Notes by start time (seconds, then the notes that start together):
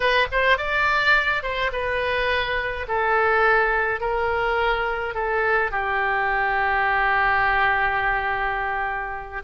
0.00 B4
0.31 C5
0.57 D5
1.42 C5
1.72 B4
2.88 A4
4.00 A#4
5.14 A4
5.71 G4